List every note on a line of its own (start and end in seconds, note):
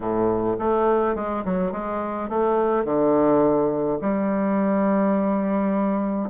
0.00 0.57 A2
0.58 1.15 A3
1.15 1.43 G#3
1.44 1.72 F#3
1.72 2.29 G#3
2.29 2.84 A3
2.84 3.98 D3
4.01 6.29 G3